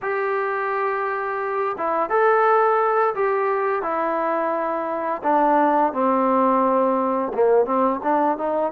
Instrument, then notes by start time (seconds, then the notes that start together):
trombone
0.02 G4
1.77 E4
2.09 A4
3.14 G4
3.82 E4
5.23 D4
5.93 C4
7.34 A#3
7.65 C4
8.03 D4
8.37 D#4